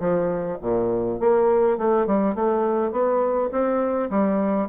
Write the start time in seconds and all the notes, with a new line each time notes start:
0.00 F3
0.61 A#2
1.20 A#3
1.78 A3
2.07 G3
2.35 A3
2.92 B3
3.52 C4
4.10 G3